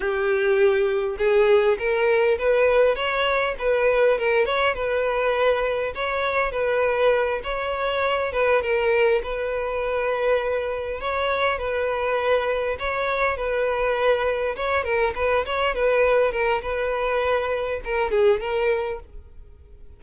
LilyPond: \new Staff \with { instrumentName = "violin" } { \time 4/4 \tempo 4 = 101 g'2 gis'4 ais'4 | b'4 cis''4 b'4 ais'8 cis''8 | b'2 cis''4 b'4~ | b'8 cis''4. b'8 ais'4 b'8~ |
b'2~ b'8 cis''4 b'8~ | b'4. cis''4 b'4.~ | b'8 cis''8 ais'8 b'8 cis''8 b'4 ais'8 | b'2 ais'8 gis'8 ais'4 | }